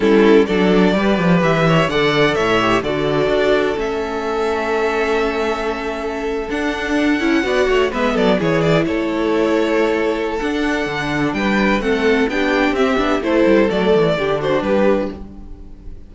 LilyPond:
<<
  \new Staff \with { instrumentName = "violin" } { \time 4/4 \tempo 4 = 127 a'4 d''2 e''4 | fis''4 e''4 d''2 | e''1~ | e''4.~ e''16 fis''2~ fis''16~ |
fis''8. e''8 d''8 cis''8 d''8 cis''4~ cis''16~ | cis''2 fis''2 | g''4 fis''4 g''4 e''4 | c''4 d''4. c''8 b'4 | }
  \new Staff \with { instrumentName = "violin" } { \time 4/4 e'4 a'4 b'4. cis''8 | d''4 cis''4 a'2~ | a'1~ | a'2.~ a'8. d''16~ |
d''16 cis''8 b'8 a'8 gis'4 a'4~ a'16~ | a'1 | b'4 a'4 g'2 | a'2 g'8 fis'8 g'4 | }
  \new Staff \with { instrumentName = "viola" } { \time 4/4 cis'4 d'4 g'2 | a'4. g'8 fis'2 | cis'1~ | cis'4.~ cis'16 d'4. e'8 fis'16~ |
fis'8. b4 e'2~ e'16~ | e'2 d'2~ | d'4 c'4 d'4 c'8 d'8 | e'4 a4 d'2 | }
  \new Staff \with { instrumentName = "cello" } { \time 4/4 g4 fis4 g8 f8 e4 | d4 a,4 d4 d'4 | a1~ | a4.~ a16 d'4. cis'8 b16~ |
b16 a8 gis8 fis8 e4 a4~ a16~ | a2 d'4 d4 | g4 a4 b4 c'8 b8 | a8 g8 fis8 e8 d4 g4 | }
>>